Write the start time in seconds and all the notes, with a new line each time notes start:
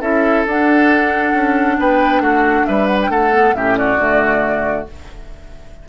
0.00 C#4 E4 A4 E5
0.46 D4 F#5
1.33 C#4
1.79 B3 B4 G5
2.20 A3 F#4 F#5
2.65 G3 B4 E5
2.87 F#5
3.02 G5
3.09 A3 A4 F#5
3.32 B3
3.53 A2 C#4 G4 E5
3.77 F#4 D5
3.97 D3 A3